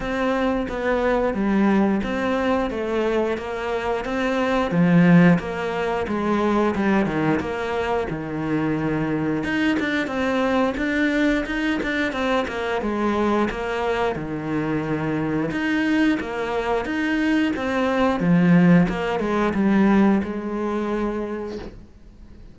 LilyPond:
\new Staff \with { instrumentName = "cello" } { \time 4/4 \tempo 4 = 89 c'4 b4 g4 c'4 | a4 ais4 c'4 f4 | ais4 gis4 g8 dis8 ais4 | dis2 dis'8 d'8 c'4 |
d'4 dis'8 d'8 c'8 ais8 gis4 | ais4 dis2 dis'4 | ais4 dis'4 c'4 f4 | ais8 gis8 g4 gis2 | }